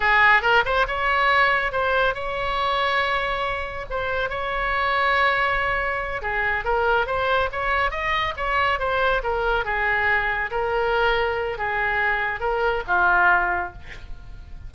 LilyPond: \new Staff \with { instrumentName = "oboe" } { \time 4/4 \tempo 4 = 140 gis'4 ais'8 c''8 cis''2 | c''4 cis''2.~ | cis''4 c''4 cis''2~ | cis''2~ cis''8 gis'4 ais'8~ |
ais'8 c''4 cis''4 dis''4 cis''8~ | cis''8 c''4 ais'4 gis'4.~ | gis'8 ais'2~ ais'8 gis'4~ | gis'4 ais'4 f'2 | }